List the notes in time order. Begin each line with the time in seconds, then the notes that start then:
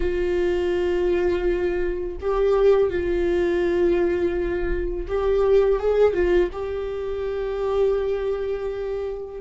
0.00 F4
2.20 G4
2.89 F4
5.07 G4
5.79 G#4
6.13 F4
6.52 G4